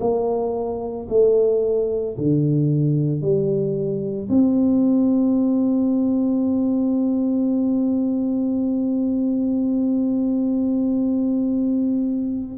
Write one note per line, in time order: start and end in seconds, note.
0.00 1.07 A#3
1.09 2.16 A3
2.18 3.22 D3
3.22 4.29 G3
4.30 12.58 C4